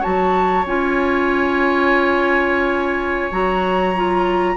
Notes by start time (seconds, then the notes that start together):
0.00 F#4 C#5 A5
0.06 F#3
0.65 C#4 F4 G#5
3.31 F#3 F#4 A#5
3.96 F4